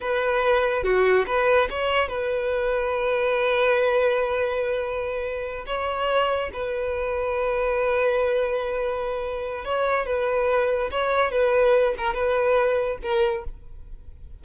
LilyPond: \new Staff \with { instrumentName = "violin" } { \time 4/4 \tempo 4 = 143 b'2 fis'4 b'4 | cis''4 b'2.~ | b'1~ | b'4. cis''2 b'8~ |
b'1~ | b'2. cis''4 | b'2 cis''4 b'4~ | b'8 ais'8 b'2 ais'4 | }